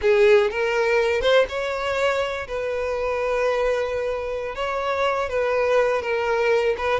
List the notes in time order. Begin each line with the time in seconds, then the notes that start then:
0.01 G#4
0.50 A#4
1.21 C5
1.48 C#5
2.47 B4
4.55 C#5
5.29 B4
6.01 A#4
6.77 B4